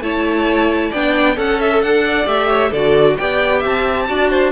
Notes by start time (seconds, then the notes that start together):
0.00 A3 E4 C#5 A5
0.90 B3 D4 D5 G5
1.36 C#4 A4 F#5
1.60 E5
1.82 D4 F#5
2.05 D5
2.25 A3 G4 E5
2.49 C#5
2.70 D3 A4 D5
2.76 F#4
3.17 B3 G4 D5 G5
3.59 C4 E5
3.65 A5
4.08 D4 F#4 D5
4.29 C5